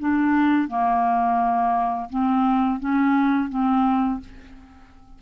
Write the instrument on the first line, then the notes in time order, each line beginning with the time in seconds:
clarinet
0.00 D4
0.68 A#3
2.10 C4
2.80 C#4
3.50 C4